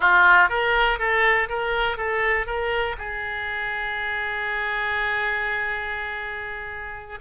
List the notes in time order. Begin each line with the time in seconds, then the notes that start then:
0.00 F4
0.49 A#4
0.98 A4
1.49 A#4
1.97 A4
2.46 A#4
2.98 G#4